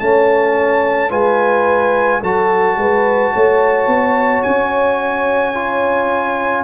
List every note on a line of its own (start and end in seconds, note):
0.00 1.11 A3
0.00 1.10 C#4
0.00 1.10 C#5
0.00 1.11 A5
1.10 2.22 G#3
1.10 2.21 F4
1.10 2.21 B4
1.10 2.23 G#5
2.22 2.76 F#3
2.22 5.54 F#4
2.22 2.77 A4
2.22 4.43 A5
2.76 3.32 G#3
2.76 3.34 B4
3.34 3.87 A3
3.34 6.64 C#5
3.87 4.43 B3
4.43 6.64 C#4
4.43 6.64 G#5
5.54 6.64 F4